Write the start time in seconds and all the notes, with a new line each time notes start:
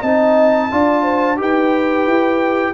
0.00 C4 D#4 D#5 A5
0.71 D4 F4 D5
1.03 C5
1.37 D#4 G4 B4 G5
2.06 E4